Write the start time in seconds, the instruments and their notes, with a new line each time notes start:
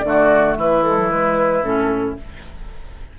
0.00 bassoon D3, clarinet A3, flute D5
0.08 oboe F#4
0.57 bassoon E3, oboe E4, flute B4
0.83 clarinet G#3, flute A4
0.98 clarinet F#3
1.09 clarinet G#3, flute B4
1.62 bassoon A2, clarinet C#4, flute A4